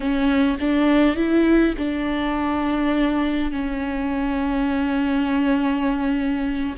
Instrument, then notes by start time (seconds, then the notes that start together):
viola
0.00 C#4
0.59 D4
1.16 E4
1.78 D4
3.51 C#4